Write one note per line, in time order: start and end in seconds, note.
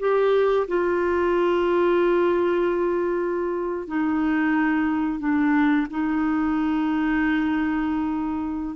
0.00 0.67 G4
0.68 3.88 F4
3.88 5.20 D#4
5.20 5.87 D4
5.91 8.76 D#4